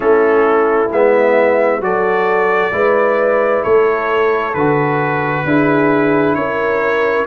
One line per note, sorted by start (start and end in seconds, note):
0.00 0.90 A3
0.00 0.88 C#4
0.00 1.82 E4
0.00 0.91 A4
0.90 1.80 G#3
0.90 1.81 B3
0.90 1.83 E5
1.80 2.70 F#3
1.80 2.71 F#4
1.80 2.73 A4
1.80 3.63 D5
2.71 3.63 G#3
2.71 4.53 E4
2.71 3.63 B4
3.63 4.54 A3
3.63 5.45 A4
3.63 4.54 C#5
4.54 5.45 D3
4.54 5.46 F#4
4.54 6.34 B4
5.45 6.34 D4
5.45 7.27 E4
5.45 6.37 G#4
6.34 7.25 C#4
6.34 7.27 A#4
6.34 7.25 C#5